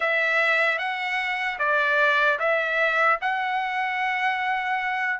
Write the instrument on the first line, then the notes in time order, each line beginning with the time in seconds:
trumpet
0.00 E5
0.78 F#5
1.59 D5
2.39 E5
3.21 F#5